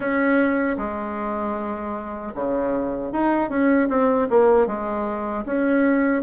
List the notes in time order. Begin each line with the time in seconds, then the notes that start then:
0.00 C#4
0.77 G#3
2.34 C#3
3.12 D#4
3.49 C#4
3.88 C4
4.30 A#3
4.66 G#3
5.45 C#4